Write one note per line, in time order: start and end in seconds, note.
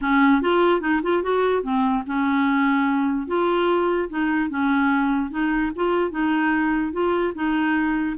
0.01 0.41 C#4
0.41 0.80 F4
0.80 1.01 D#4
1.02 1.22 F4
1.22 1.62 F#4
1.62 2.03 C4
2.06 3.27 C#4
3.27 4.08 F4
4.09 4.49 D#4
4.49 5.30 C#4
5.30 5.71 D#4
5.75 6.10 F4
6.10 6.92 D#4
6.92 7.33 F4
7.34 8.16 D#4